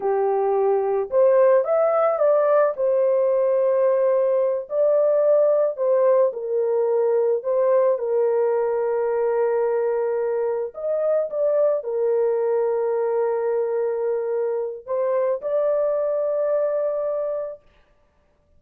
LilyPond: \new Staff \with { instrumentName = "horn" } { \time 4/4 \tempo 4 = 109 g'2 c''4 e''4 | d''4 c''2.~ | c''8 d''2 c''4 ais'8~ | ais'4. c''4 ais'4.~ |
ais'2.~ ais'8 dis''8~ | dis''8 d''4 ais'2~ ais'8~ | ais'2. c''4 | d''1 | }